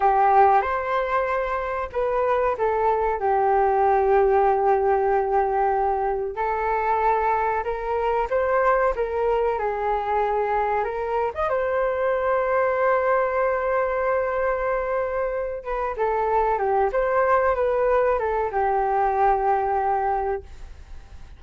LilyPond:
\new Staff \with { instrumentName = "flute" } { \time 4/4 \tempo 4 = 94 g'4 c''2 b'4 | a'4 g'2.~ | g'2 a'2 | ais'4 c''4 ais'4 gis'4~ |
gis'4 ais'8. dis''16 c''2~ | c''1~ | c''8 b'8 a'4 g'8 c''4 b'8~ | b'8 a'8 g'2. | }